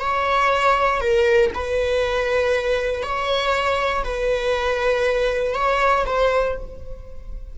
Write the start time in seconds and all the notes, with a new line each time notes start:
0.00 C#5
1.01 A#4
1.54 B4
3.03 C#5
4.04 B4
5.54 C#5
6.06 C5